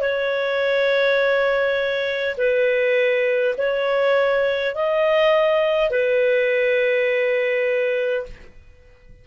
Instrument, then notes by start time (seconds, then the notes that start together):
clarinet
0.00 C#5
2.37 B4
3.57 C#5
4.74 D#5
5.90 B4